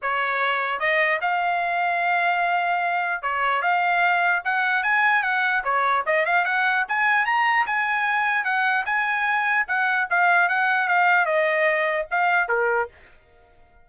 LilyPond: \new Staff \with { instrumentName = "trumpet" } { \time 4/4 \tempo 4 = 149 cis''2 dis''4 f''4~ | f''1 | cis''4 f''2 fis''4 | gis''4 fis''4 cis''4 dis''8 f''8 |
fis''4 gis''4 ais''4 gis''4~ | gis''4 fis''4 gis''2 | fis''4 f''4 fis''4 f''4 | dis''2 f''4 ais'4 | }